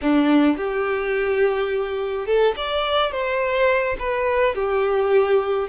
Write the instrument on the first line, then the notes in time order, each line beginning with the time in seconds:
violin
0.01 D4
0.57 G4
2.26 A4
2.56 D5
3.11 C5
3.99 B4
4.54 G4